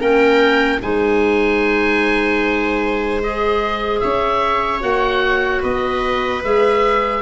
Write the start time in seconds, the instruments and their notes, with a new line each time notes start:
0.00 tuba A#3, clarinet C#4, viola A#4, oboe G5
0.81 tuba G#3, clarinet D#4, viola C5, oboe G#5
3.23 clarinet G#4, oboe D#5
4.00 tuba C#4, viola C#5, oboe E5
4.80 tuba A#3, clarinet F#4, oboe F#5
5.60 tuba B3, viola B4, oboe D#5
6.44 tuba G#3, clarinet G#4, oboe E5